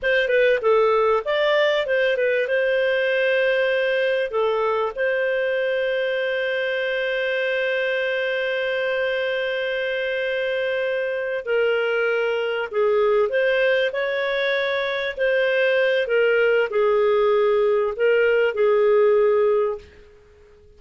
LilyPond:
\new Staff \with { instrumentName = "clarinet" } { \time 4/4 \tempo 4 = 97 c''8 b'8 a'4 d''4 c''8 b'8 | c''2. a'4 | c''1~ | c''1~ |
c''2~ c''8 ais'4.~ | ais'8 gis'4 c''4 cis''4.~ | cis''8 c''4. ais'4 gis'4~ | gis'4 ais'4 gis'2 | }